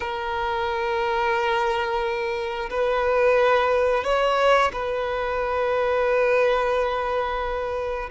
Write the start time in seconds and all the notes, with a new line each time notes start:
0.00 A#4
2.70 B4
4.04 C#5
4.72 B4